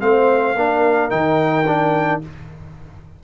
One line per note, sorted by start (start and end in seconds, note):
0.00 0.56 A3
0.00 0.55 C4
0.00 0.56 C5
0.00 1.11 F5
0.56 1.11 A#3
0.56 1.10 D4
0.56 2.24 A#4
1.10 2.22 D#3
1.10 1.65 D#4
1.10 2.21 G5
1.67 2.22 D4